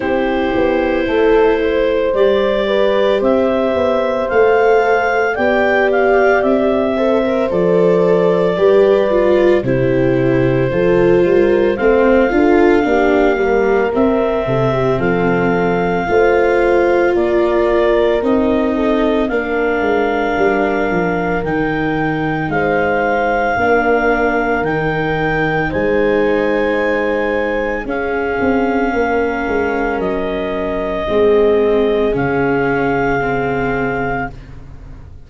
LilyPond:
<<
  \new Staff \with { instrumentName = "clarinet" } { \time 4/4 \tempo 4 = 56 c''2 d''4 e''4 | f''4 g''8 f''8 e''4 d''4~ | d''4 c''2 f''4~ | f''4 e''4 f''2 |
d''4 dis''4 f''2 | g''4 f''2 g''4 | gis''2 f''2 | dis''2 f''2 | }
  \new Staff \with { instrumentName = "horn" } { \time 4/4 g'4 a'8 c''4 b'8 c''4~ | c''4 d''4. c''4. | b'4 g'4 a'8 ais'8 c''8 a'8 | g'8 ais'4 a'16 g'16 a'4 c''4 |
ais'4. a'8 ais'2~ | ais'4 c''4 ais'2 | c''2 gis'4 ais'4~ | ais'4 gis'2. | }
  \new Staff \with { instrumentName = "viola" } { \time 4/4 e'2 g'2 | a'4 g'4. a'16 ais'16 a'4 | g'8 f'8 e'4 f'4 c'8 f'8 | d'8 g8 c'2 f'4~ |
f'4 dis'4 d'2 | dis'2 d'4 dis'4~ | dis'2 cis'2~ | cis'4 c'4 cis'4 c'4 | }
  \new Staff \with { instrumentName = "tuba" } { \time 4/4 c'8 b8 a4 g4 c'8 b8 | a4 b4 c'4 f4 | g4 c4 f8 g8 a8 d'8 | ais4 c'8 c8 f4 a4 |
ais4 c'4 ais8 gis8 g8 f8 | dis4 gis4 ais4 dis4 | gis2 cis'8 c'8 ais8 gis8 | fis4 gis4 cis2 | }
>>